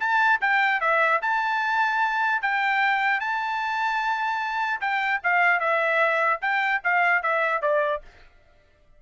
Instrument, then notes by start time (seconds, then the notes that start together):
trumpet
0.00 A5
0.41 G5
0.81 E5
1.22 A5
2.42 G5
3.21 A5
4.81 G5
5.24 F5
5.60 E5
6.42 G5
6.84 F5
7.23 E5
7.62 D5